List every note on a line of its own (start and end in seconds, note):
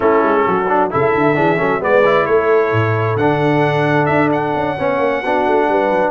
0.00 0.22 A3
0.00 0.65 C#4
0.00 0.43 E4
0.00 0.89 A4
0.22 0.45 G#3
0.47 0.92 F#3
0.47 0.91 F#4
0.68 0.90 D4
0.90 1.14 C#3
0.90 1.34 E4
0.90 1.37 A4
0.90 1.83 E5
1.14 1.37 D3
1.34 1.59 E3
1.34 1.57 D4
1.34 1.57 G#4
1.57 1.80 F#3
1.57 1.79 C#4
1.57 1.80 A4
1.79 2.26 G#3
1.79 2.02 B3
1.79 2.28 B4
1.79 2.26 D5
2.05 3.18 E4
2.26 2.72 A3
2.26 4.77 A4
2.26 3.16 C#5
2.72 3.16 A2
3.16 4.07 D3
3.16 4.77 D4
3.16 4.05 F#5
4.05 4.53 D4
4.05 4.28 E5
4.32 6.10 F#5
4.55 4.78 C#4
4.77 4.98 B3
4.77 5.23 C#4
4.77 5.21 C#5
4.98 5.21 A#3
5.21 5.46 B3
5.21 6.10 D4
5.21 5.66 F#4
5.46 5.68 A3
5.68 5.91 G3
5.68 6.10 B4
5.91 6.10 F#3